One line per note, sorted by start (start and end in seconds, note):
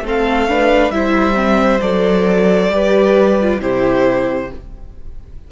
0.00 0.89 A3
0.00 0.48 C4
0.00 0.49 A4
0.08 0.91 F5
0.48 0.92 D4
0.48 0.94 B4
0.89 1.79 G3
0.89 1.34 E4
0.89 2.73 C5
0.89 1.80 E5
1.34 1.78 C4
1.81 2.68 F#3
1.81 2.71 A4
1.81 3.60 D5
2.68 3.58 G3
2.68 3.39 G4
2.68 3.61 B4
3.40 3.60 F4
3.60 4.50 C3
3.60 4.50 E4
3.60 4.50 G4
3.60 4.51 C5